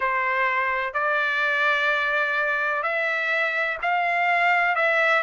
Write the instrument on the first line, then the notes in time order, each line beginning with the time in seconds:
trumpet
0.00 C5
0.93 D5
2.83 E5
3.82 F5
4.75 E5